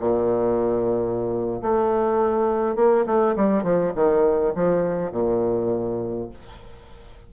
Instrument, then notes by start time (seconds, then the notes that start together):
bassoon
0.00 A#2
1.62 A3
2.76 A#3
3.06 A3
3.36 G3
3.64 F3
3.96 D#3
4.56 F3
5.12 A#2